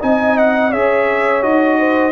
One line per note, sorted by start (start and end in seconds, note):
0.00 0.73 C4
0.00 0.72 D#4
0.00 0.70 D#5
0.00 0.37 G#5
0.37 0.72 F#5
0.70 1.43 C#4
0.70 1.42 G#4
0.70 1.78 C#5
0.70 1.43 E5
1.42 2.12 D#4
1.42 2.12 F#4
1.42 2.12 D#5
1.79 2.12 C5